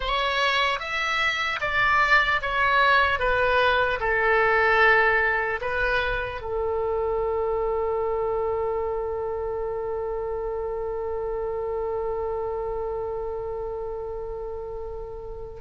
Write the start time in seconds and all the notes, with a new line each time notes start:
0.00 C#5
0.79 E5
1.60 D5
2.41 C#5
3.19 B4
4.00 A4
5.61 B4
6.41 A4